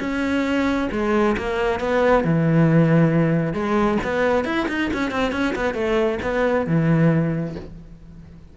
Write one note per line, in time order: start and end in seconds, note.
0.00 0.89 C#4
0.92 1.36 G#3
1.37 1.80 A#3
1.80 2.24 B3
2.24 3.53 E3
3.53 3.98 G#3
4.04 4.45 B3
4.45 4.67 E4
4.68 4.91 D#4
4.93 5.11 C#4
5.11 5.32 C4
5.32 5.54 C#4
5.55 5.74 B3
5.74 6.19 A3
6.22 6.67 B3
6.67 7.56 E3